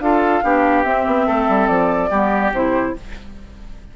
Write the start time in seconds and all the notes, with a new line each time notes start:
0.00 D4 F4 A4 F5
0.43 B3 D4 G4
0.84 C4 E5
1.07 B3
1.27 A3 A4
1.49 G3
1.68 F3 D5
2.10 G3 B3 G4
2.52 C3 E4 C5